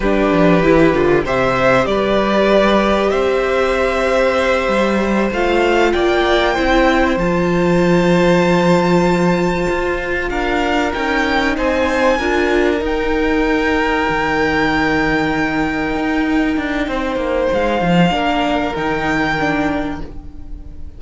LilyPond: <<
  \new Staff \with { instrumentName = "violin" } { \time 4/4 \tempo 4 = 96 b'2 e''4 d''4~ | d''4 e''2.~ | e''8 f''4 g''2 a''8~ | a''1~ |
a''8 f''4 g''4 gis''4.~ | gis''8 g''2.~ g''8~ | g''1 | f''2 g''2 | }
  \new Staff \with { instrumentName = "violin" } { \time 4/4 g'2 c''4 b'4~ | b'4 c''2.~ | c''4. d''4 c''4.~ | c''1~ |
c''8 ais'2 c''4 ais'8~ | ais'1~ | ais'2. c''4~ | c''4 ais'2. | }
  \new Staff \with { instrumentName = "viola" } { \time 4/4 d'4 e'8 f'8 g'2~ | g'1~ | g'8 f'2 e'4 f'8~ | f'1~ |
f'4. dis'2 f'8~ | f'8 dis'2.~ dis'8~ | dis'1~ | dis'4 d'4 dis'4 d'4 | }
  \new Staff \with { instrumentName = "cello" } { \time 4/4 g8 f8 e8 d8 c4 g4~ | g4 c'2~ c'8 g8~ | g8 a4 ais4 c'4 f8~ | f2.~ f8 f'8~ |
f'8 d'4 cis'4 c'4 d'8~ | d'8 dis'2 dis4.~ | dis4. dis'4 d'8 c'8 ais8 | gis8 f8 ais4 dis2 | }
>>